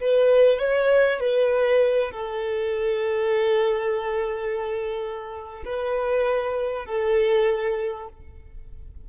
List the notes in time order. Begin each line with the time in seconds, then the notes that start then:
0.00 B4
0.58 C#5
1.19 B4
2.11 A4
5.65 B4
6.85 A4